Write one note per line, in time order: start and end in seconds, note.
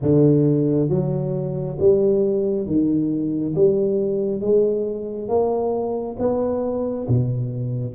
0.02 0.89 D3
0.89 1.77 F#3
1.79 2.66 G3
2.66 3.54 D#3
3.55 4.40 G3
4.40 5.28 G#3
5.28 6.16 A#3
6.18 7.07 B3
7.08 7.95 B2